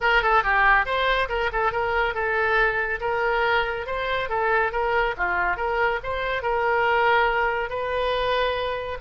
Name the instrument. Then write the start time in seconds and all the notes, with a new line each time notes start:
oboe
0.01 A#4
0.22 A4
0.43 G4
0.85 C5
1.29 A#4
1.52 A4
1.72 A#4
2.14 A4
3.00 A#4
3.86 C5
4.29 A4
4.71 A#4
5.17 F4
5.56 A#4
6.03 C5
6.42 A#4
7.69 B4